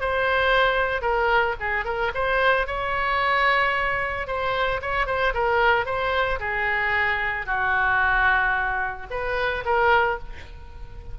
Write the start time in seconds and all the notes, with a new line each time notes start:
0.00 C5
1.02 A#4
1.60 G#4
1.84 A#4
2.14 C5
2.67 C#5
4.27 C5
4.81 C#5
5.06 C5
5.34 A#4
5.85 C5
6.39 G#4
7.46 F#4
9.10 B4
9.65 A#4